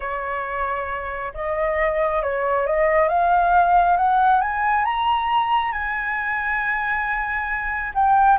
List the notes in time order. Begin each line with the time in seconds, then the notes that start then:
0.00 C#5
1.34 D#5
2.22 C#5
2.66 D#5
3.08 F5
3.97 F#5
4.41 G#5
4.84 A#5
5.72 G#5
7.94 G5